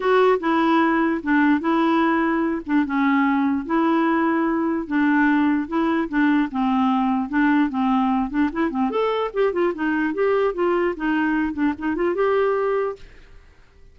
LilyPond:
\new Staff \with { instrumentName = "clarinet" } { \time 4/4 \tempo 4 = 148 fis'4 e'2 d'4 | e'2~ e'8 d'8 cis'4~ | cis'4 e'2. | d'2 e'4 d'4 |
c'2 d'4 c'4~ | c'8 d'8 e'8 c'8 a'4 g'8 f'8 | dis'4 g'4 f'4 dis'4~ | dis'8 d'8 dis'8 f'8 g'2 | }